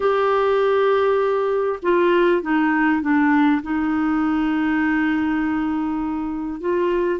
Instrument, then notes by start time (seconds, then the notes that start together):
clarinet
0.00 G4
1.82 F4
2.42 D#4
3.01 D4
3.62 D#4
6.60 F4